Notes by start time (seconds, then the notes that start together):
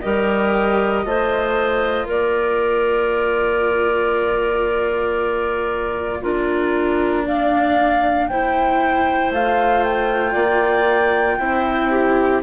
0.00 G3 G4 A#4 D#5
1.05 A3 F4 C5
2.06 A#3 A#4 D5
6.21 D4 F4 A#4
7.24 D5 F5
8.28 E4 C5 G5
9.31 A3 F4 F5
9.83 G5
10.32 A#3 D5
11.39 C4 E4 C5
11.91 G4